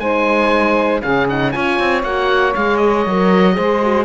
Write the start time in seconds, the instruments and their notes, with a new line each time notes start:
0.00 cello G#3, horn D#4, saxophone C5, oboe G#5
1.02 cello C#3, horn C#4, saxophone G#4, oboe F5
1.30 horn D#4, oboe F#5
1.52 cello C#4, horn F4, saxophone C#5, oboe G#5
1.80 cello C4
2.04 cello A#3, horn F#4, oboe F#5
2.55 cello G#3, horn G#4, oboe F5
2.78 oboe D#5
3.07 cello F#3, horn A#4
3.54 cello G#3, horn G#4, saxophone C5
3.83 horn F#4